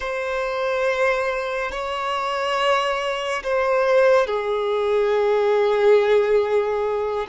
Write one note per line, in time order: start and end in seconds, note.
0.00 1.71 C5
1.71 3.42 C#5
3.43 4.26 C5
4.26 7.27 G#4